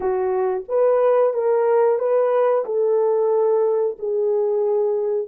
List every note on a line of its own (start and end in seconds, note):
0.00 0.64 F#4
0.68 1.33 B4
1.33 1.98 A#4
1.98 2.64 B4
2.65 3.97 A4
3.98 5.27 G#4